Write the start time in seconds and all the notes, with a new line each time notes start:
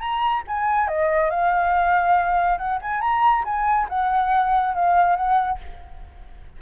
0.00 A#5
0.48 G#5
0.88 D#5
1.31 F5
2.58 F#5
2.82 G#5
3.01 A#5
3.45 G#5
3.90 F#5
4.75 F5
5.16 F#5